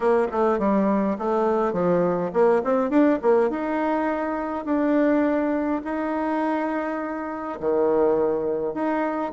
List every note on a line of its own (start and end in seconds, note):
0.00 0.27 A#3
0.31 0.59 A3
0.59 1.17 G3
1.18 1.73 A3
1.73 2.31 F3
2.33 2.62 A#3
2.63 2.89 C4
2.89 3.19 D4
3.22 3.50 A#3
3.50 4.65 D#4
4.65 5.81 D4
5.84 7.59 D#4
7.60 8.74 D#3
8.74 9.32 D#4